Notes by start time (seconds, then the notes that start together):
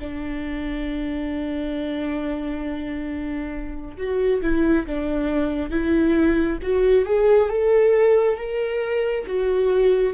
0.00 D4
3.97 F#4
4.42 E4
4.86 D4
5.71 E4
6.63 F#4
7.05 G#4
7.50 A4
8.37 A#4
9.26 F#4